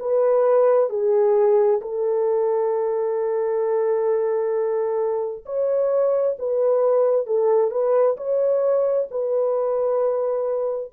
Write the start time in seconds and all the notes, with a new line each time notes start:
0.00 B4
0.90 G#4
1.82 A4
5.46 C#5
6.39 B4
7.27 A4
7.71 B4
8.17 C#5
9.11 B4